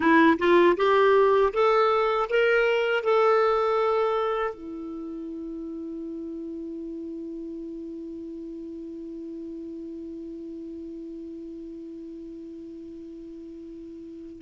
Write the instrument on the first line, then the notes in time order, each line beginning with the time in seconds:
clarinet
0.00 E4
0.38 F4
0.77 G4
1.53 A4
2.29 A#4
3.03 A4
4.54 E4